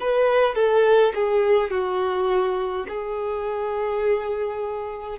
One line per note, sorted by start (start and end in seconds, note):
0.00 0.55 B4
0.55 1.13 A4
1.14 1.70 G#4
1.70 2.86 F#4
2.88 5.19 G#4